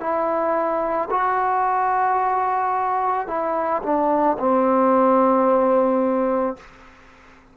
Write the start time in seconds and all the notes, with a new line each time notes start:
0.00 E4
1.11 F#4
3.28 E4
3.83 D4
4.39 C4